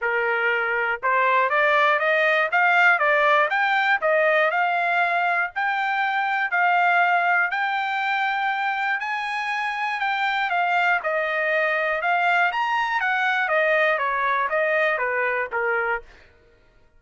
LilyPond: \new Staff \with { instrumentName = "trumpet" } { \time 4/4 \tempo 4 = 120 ais'2 c''4 d''4 | dis''4 f''4 d''4 g''4 | dis''4 f''2 g''4~ | g''4 f''2 g''4~ |
g''2 gis''2 | g''4 f''4 dis''2 | f''4 ais''4 fis''4 dis''4 | cis''4 dis''4 b'4 ais'4 | }